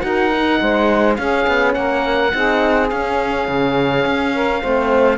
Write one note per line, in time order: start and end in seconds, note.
0.00 0.60 D#4
0.00 0.31 F#4
0.00 0.60 A#4
0.00 1.14 F#5
0.32 1.18 D#4
0.61 1.18 G#3
0.61 1.18 C5
1.15 1.46 C#4
1.15 2.32 C#4
1.15 1.75 G#4
1.15 1.73 F5
1.47 1.76 B3
1.74 2.33 A#3
1.74 2.34 A#4
1.74 2.88 F#5
2.32 2.91 C4
2.32 2.89 D#4
2.32 4.34 G#4
2.90 4.62 C#4
2.90 3.48 C#4
2.90 5.18 F5
3.48 4.05 C#3
4.05 4.62 C#4
4.34 4.62 A#4
4.62 5.18 A3
4.62 5.18 C4
4.62 5.18 C5